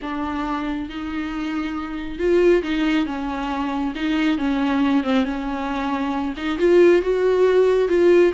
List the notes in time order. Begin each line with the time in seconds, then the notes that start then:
0.02 D4
0.89 D#4
2.18 F4
2.62 D#4
3.06 C#4
3.95 D#4
4.38 C#4
5.03 C4
5.24 C#4
6.36 D#4
6.58 F4
7.02 F#4
7.88 F4